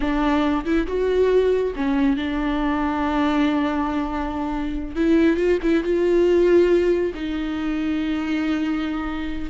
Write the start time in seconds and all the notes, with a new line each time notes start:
0.00 D4
0.65 E4
0.87 F#4
1.76 C#4
2.16 D4
4.95 E4
5.36 F4
5.62 E4
5.83 F4
7.14 D#4